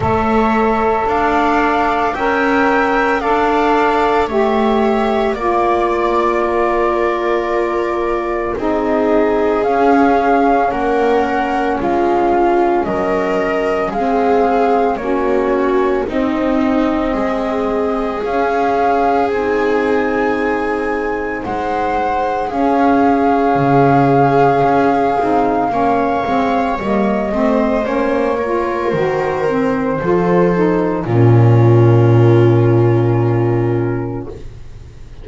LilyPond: <<
  \new Staff \with { instrumentName = "flute" } { \time 4/4 \tempo 4 = 56 e''4 f''4 g''4 f''4 | e''4 d''2. | dis''4 f''4 fis''4 f''4 | dis''4 f''4 cis''4 dis''4~ |
dis''4 f''4 gis''2 | fis''4 f''2.~ | f''4 dis''4 cis''4 c''4~ | c''4 ais'2. | }
  \new Staff \with { instrumentName = "viola" } { \time 4/4 cis''4 d''4 e''4 d''4 | cis''4 d''4 ais'2 | gis'2 ais'4 f'4 | ais'4 gis'4 fis'4 dis'4 |
gis'1 | c''4 gis'2. | cis''4. c''4 ais'4. | a'4 f'2. | }
  \new Staff \with { instrumentName = "saxophone" } { \time 4/4 a'2 ais'4 a'4 | g'4 f'2. | dis'4 cis'2.~ | cis'4 c'4 cis'4 c'4~ |
c'4 cis'4 dis'2~ | dis'4 cis'2~ cis'8 dis'8 | cis'8 c'8 ais8 c'8 cis'8 f'8 fis'8 c'8 | f'8 dis'8 cis'2. | }
  \new Staff \with { instrumentName = "double bass" } { \time 4/4 a4 d'4 cis'4 d'4 | a4 ais2. | c'4 cis'4 ais4 gis4 | fis4 gis4 ais4 c'4 |
gis4 cis'4 c'2 | gis4 cis'4 cis4 cis'8 c'8 | ais8 gis8 g8 a8 ais4 dis4 | f4 ais,2. | }
>>